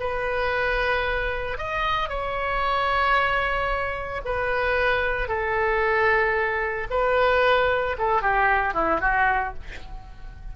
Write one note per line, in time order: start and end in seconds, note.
0.00 1.58 B4
1.58 2.09 D#5
2.09 4.22 C#5
4.25 5.28 B4
5.28 6.88 A4
6.91 7.97 B4
7.98 8.22 A4
8.22 8.74 G4
8.74 9.01 E4
9.01 9.54 F#4